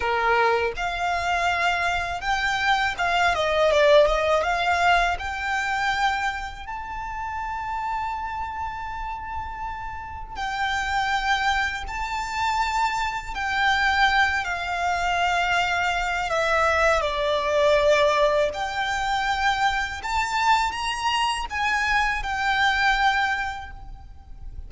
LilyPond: \new Staff \with { instrumentName = "violin" } { \time 4/4 \tempo 4 = 81 ais'4 f''2 g''4 | f''8 dis''8 d''8 dis''8 f''4 g''4~ | g''4 a''2.~ | a''2 g''2 |
a''2 g''4. f''8~ | f''2 e''4 d''4~ | d''4 g''2 a''4 | ais''4 gis''4 g''2 | }